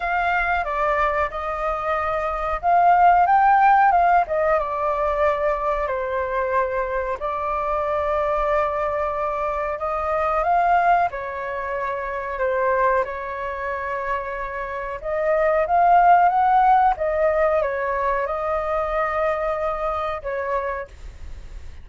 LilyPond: \new Staff \with { instrumentName = "flute" } { \time 4/4 \tempo 4 = 92 f''4 d''4 dis''2 | f''4 g''4 f''8 dis''8 d''4~ | d''4 c''2 d''4~ | d''2. dis''4 |
f''4 cis''2 c''4 | cis''2. dis''4 | f''4 fis''4 dis''4 cis''4 | dis''2. cis''4 | }